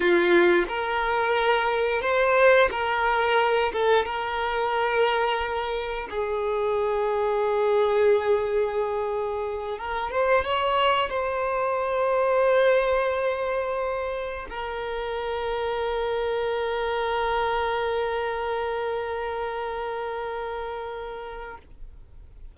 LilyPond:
\new Staff \with { instrumentName = "violin" } { \time 4/4 \tempo 4 = 89 f'4 ais'2 c''4 | ais'4. a'8 ais'2~ | ais'4 gis'2.~ | gis'2~ gis'8 ais'8 c''8 cis''8~ |
cis''8 c''2.~ c''8~ | c''4. ais'2~ ais'8~ | ais'1~ | ais'1 | }